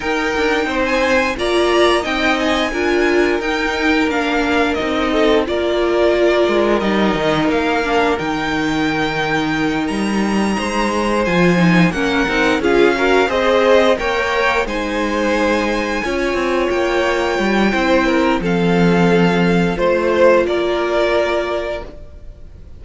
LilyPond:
<<
  \new Staff \with { instrumentName = "violin" } { \time 4/4 \tempo 4 = 88 g''4~ g''16 gis''8. ais''4 g''8 gis''8~ | gis''4 g''4 f''4 dis''4 | d''2 dis''4 f''4 | g''2~ g''8 ais''4.~ |
ais''8 gis''4 fis''4 f''4 dis''8~ | dis''8 g''4 gis''2~ gis''8~ | gis''8 g''2~ g''8 f''4~ | f''4 c''4 d''2 | }
  \new Staff \with { instrumentName = "violin" } { \time 4/4 ais'4 c''4 d''4 dis''4 | ais'2.~ ais'8 a'8 | ais'1~ | ais'2.~ ais'8 c''8~ |
c''4. ais'4 gis'8 ais'8 c''8~ | c''8 cis''4 c''2 cis''8~ | cis''2 c''8 ais'8 a'4~ | a'4 c''4 ais'2 | }
  \new Staff \with { instrumentName = "viola" } { \time 4/4 dis'2 f'4 dis'4 | f'4 dis'4 d'4 dis'4 | f'2 dis'4. d'8 | dis'1~ |
dis'8 f'8 dis'8 cis'8 dis'8 f'8 fis'8 gis'8~ | gis'8 ais'4 dis'2 f'8~ | f'2 e'4 c'4~ | c'4 f'2. | }
  \new Staff \with { instrumentName = "cello" } { \time 4/4 dis'8 d'8 c'4 ais4 c'4 | d'4 dis'4 ais4 c'4 | ais4. gis8 g8 dis8 ais4 | dis2~ dis8 g4 gis8~ |
gis8 f4 ais8 c'8 cis'4 c'8~ | c'8 ais4 gis2 cis'8 | c'8 ais4 g8 c'4 f4~ | f4 a4 ais2 | }
>>